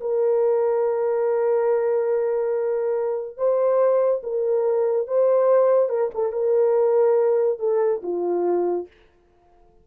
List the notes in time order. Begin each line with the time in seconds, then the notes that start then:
0.00 A#4
3.37 C5
4.23 A#4
5.07 C5
5.89 A#4
6.14 A4
6.32 A#4
7.59 A4
8.03 F4